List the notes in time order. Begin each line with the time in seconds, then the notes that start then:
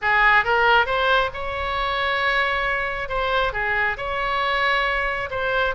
0.01 G#4
0.44 A#4
0.86 C5
1.33 C#5
3.08 C5
3.52 G#4
3.97 C#5
5.30 C5